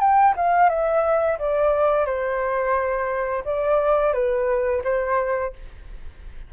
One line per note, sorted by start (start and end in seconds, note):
0.00 0.34 G5
0.37 0.69 F5
0.69 1.38 E5
1.39 2.06 D5
2.06 3.44 C5
3.45 4.13 D5
4.13 4.82 B4
4.84 5.53 C5